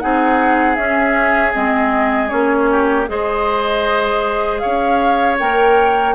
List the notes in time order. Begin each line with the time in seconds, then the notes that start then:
0.00 C4 D#4 G#4 F#5
0.76 C#4 E5
1.53 G#3 C4 D#5
2.29 A#3 C#4 C#5
2.71 G4
3.07 G#3 G#4 C5 D#5
4.59 C#4 C#5 F5
5.39 A#3 A#4 G5